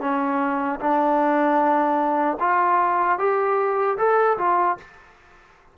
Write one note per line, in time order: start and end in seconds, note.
0.00 0.79 C#4
0.79 2.37 D4
2.39 3.18 F4
3.18 3.97 G4
3.98 4.37 A4
4.38 4.77 F4